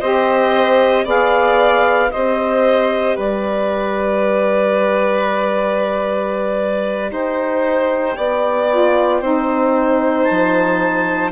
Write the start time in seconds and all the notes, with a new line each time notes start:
0.00 C4 G4 C5 D#5
1.04 B3 G#4 D5 F5
2.09 G4 C5 D#5
2.15 C4
3.16 G3 B4 D5
7.11 D#4 C5 G5
8.17 B3 D5
8.70 F4
9.21 C4 D#4 C5
10.24 F3 A5